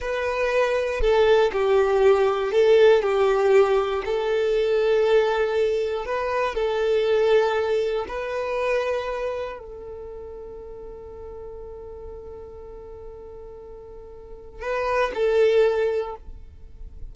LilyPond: \new Staff \with { instrumentName = "violin" } { \time 4/4 \tempo 4 = 119 b'2 a'4 g'4~ | g'4 a'4 g'2 | a'1 | b'4 a'2. |
b'2. a'4~ | a'1~ | a'1~ | a'4 b'4 a'2 | }